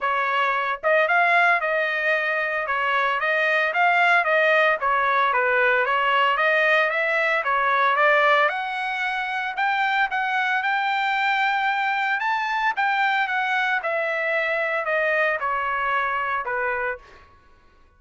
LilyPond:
\new Staff \with { instrumentName = "trumpet" } { \time 4/4 \tempo 4 = 113 cis''4. dis''8 f''4 dis''4~ | dis''4 cis''4 dis''4 f''4 | dis''4 cis''4 b'4 cis''4 | dis''4 e''4 cis''4 d''4 |
fis''2 g''4 fis''4 | g''2. a''4 | g''4 fis''4 e''2 | dis''4 cis''2 b'4 | }